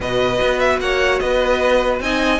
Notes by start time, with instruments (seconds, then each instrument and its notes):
0.00 cello B2, viola F#4, violin B4 D#5
0.41 cello B3
0.59 violin E5
0.79 cello A#3, violin C#5 F#5
1.19 cello B3, violin B4 D#5
2.00 cello C4, viola D#4, violin D#5 G#5